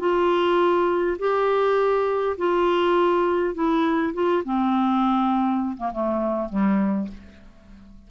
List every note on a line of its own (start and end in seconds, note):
0.00 1.18 F4
1.19 2.37 G4
2.38 3.55 F4
3.55 4.14 E4
4.14 4.43 F4
4.45 5.77 C4
5.78 5.92 A#3
5.93 6.50 A3
6.50 7.09 G3